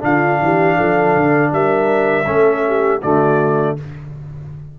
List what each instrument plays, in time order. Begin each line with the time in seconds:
0.00 tuba D3, trombone D4, horn F4, trumpet F5
0.41 tuba E3, horn G4
0.76 tuba F3, horn A4
1.17 tuba D3
1.52 tuba G3, horn A#4, trumpet E5
2.27 tuba A3, trombone C#4, horn A4
2.67 horn G4
3.02 tuba D3, trombone A3, horn F#4, trumpet D5